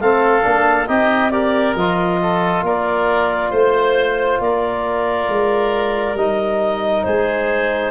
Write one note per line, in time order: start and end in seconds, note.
0.00 0.44 A3
0.00 0.42 C4
0.00 0.89 A4
0.00 0.87 F5
0.42 0.88 A#3
0.42 0.86 D4
0.87 1.75 C4
0.87 1.31 D#4
0.87 1.32 G4
0.87 1.31 D#5
1.31 1.75 G4
1.31 2.20 A#4
1.31 1.75 D5
1.75 2.62 F3
1.75 6.17 F4
1.75 2.64 D#5
2.22 2.65 A4
2.62 3.51 A#3
2.62 3.50 A#4
2.62 3.53 D5
3.50 4.40 A3
3.50 4.39 C5
3.50 4.41 C5
4.40 5.28 A#3
4.40 7.06 A#4
4.40 6.17 D5
5.28 6.14 G#3
6.14 7.03 G3
6.14 7.91 D#4
6.14 7.04 D#5
7.04 7.91 G#3
7.04 7.91 G#4
7.04 7.91 C5